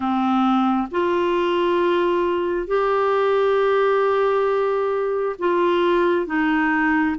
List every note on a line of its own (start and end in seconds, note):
0.00 0.88 C4
0.91 2.67 F4
2.67 5.36 G4
5.39 6.26 F4
6.26 7.16 D#4